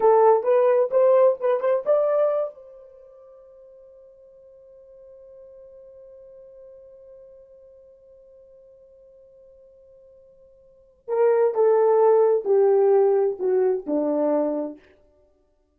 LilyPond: \new Staff \with { instrumentName = "horn" } { \time 4/4 \tempo 4 = 130 a'4 b'4 c''4 b'8 c''8 | d''4. c''2~ c''8~ | c''1~ | c''1~ |
c''1~ | c''1 | ais'4 a'2 g'4~ | g'4 fis'4 d'2 | }